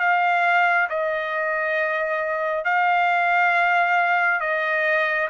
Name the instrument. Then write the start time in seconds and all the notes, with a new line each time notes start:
trumpet
0.00 F5
0.90 D#5
2.65 F5
4.41 D#5